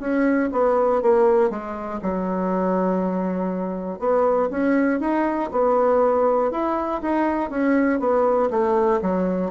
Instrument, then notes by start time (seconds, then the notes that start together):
bassoon
0.00 C#4
0.52 B3
1.02 A#3
1.51 G#3
2.02 F#3
4.00 B3
4.51 C#4
5.00 D#4
5.52 B3
6.51 E4
7.02 D#4
7.51 C#4
8.00 B3
8.51 A3
9.02 F#3